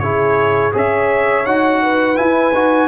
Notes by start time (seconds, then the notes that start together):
0.00 C#3 E4 G#4 C#5
0.73 C#4 G#4 C#5 E5
1.46 D#4 F#4 F#5
1.83 B4
2.16 E4 G#5
2.54 D#4 F#4